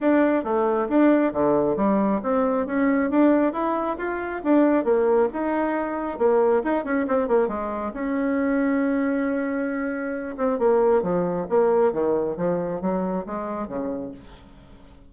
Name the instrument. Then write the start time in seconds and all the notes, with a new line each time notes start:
bassoon
0.00 D4
0.44 A3
0.88 D4
1.33 D3
1.76 G3
2.23 C4
2.66 C#4
3.10 D4
3.52 E4
3.97 F4
4.43 D4
4.84 A#3
5.33 D#4
6.18 A#3
6.63 D#4
6.84 C#4
7.07 C4
7.28 A#3
7.48 G#3
7.93 C#4
10.37 C4
10.58 A#3
11.02 F3
11.49 A#3
11.92 D#3
12.36 F3
12.81 F#3
13.26 G#3
13.67 C#3